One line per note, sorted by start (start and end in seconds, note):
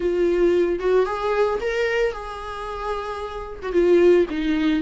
0.00 0.79 F4
0.79 1.05 F#4
1.05 1.59 G#4
1.60 2.12 A#4
2.12 3.59 G#4
3.62 3.72 F#4
3.72 4.26 F4
4.30 4.82 D#4